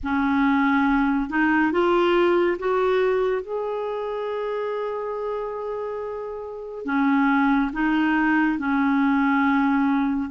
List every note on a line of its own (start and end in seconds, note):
0.03 1.29 C#4
1.29 1.71 D#4
1.71 2.57 F4
2.58 3.42 F#4
3.42 6.85 G#4
6.85 7.71 C#4
7.72 8.58 D#4
8.58 10.29 C#4